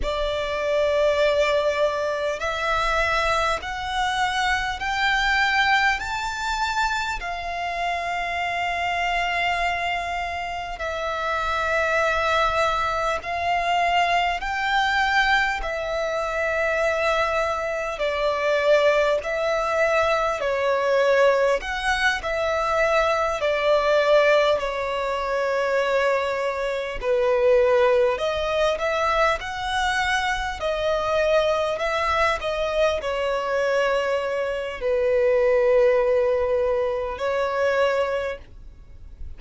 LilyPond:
\new Staff \with { instrumentName = "violin" } { \time 4/4 \tempo 4 = 50 d''2 e''4 fis''4 | g''4 a''4 f''2~ | f''4 e''2 f''4 | g''4 e''2 d''4 |
e''4 cis''4 fis''8 e''4 d''8~ | d''8 cis''2 b'4 dis''8 | e''8 fis''4 dis''4 e''8 dis''8 cis''8~ | cis''4 b'2 cis''4 | }